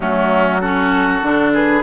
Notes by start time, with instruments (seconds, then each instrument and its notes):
0.00 bassoon F#3, clarinet A3, oboe C#4, flute F#4
0.60 clarinet C#4, oboe F#4, flute A4
1.22 bassoon D3, clarinet D4
1.53 oboe G#4, flute B4